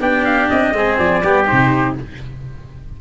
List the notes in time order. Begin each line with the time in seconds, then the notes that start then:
0.00 B3 D4 G4 G5
0.25 F5
0.50 C4 D#5
0.73 G#3 C4 G#4
0.98 F3 D5
1.23 G3 B3 G4
1.45 D#4 C5
1.52 C3